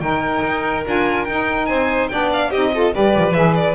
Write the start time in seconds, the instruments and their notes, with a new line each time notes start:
0.00 double bass D#3, saxophone D#4, violin A#4 G5
0.43 double bass D#4
0.85 double bass D4, saxophone F4, violin G#5
1.25 double bass D#4, saxophone D#4, violin G5
1.66 double bass C4, violin C5 G#5
2.09 double bass B3, saxophone D4, violin D5 G5
2.33 violin F5
2.50 double bass C4, saxophone D#4, violin G4 D#5
2.74 saxophone F4, violin A4
2.92 double bass G3, saxophone G4, violin B4 D5
3.16 double bass F3
3.33 double bass E3, saxophone G#4, violin E5
3.55 violin D5